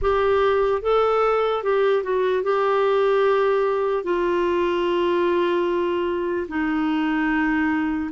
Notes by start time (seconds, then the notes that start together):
0.01 G4
0.82 A4
1.63 G4
2.03 F#4
2.43 G4
4.03 F4
6.48 D#4